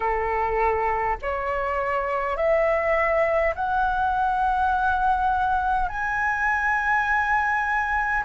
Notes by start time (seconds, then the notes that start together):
0.00 A4
1.21 C#5
2.36 E5
3.55 F#5
5.88 G#5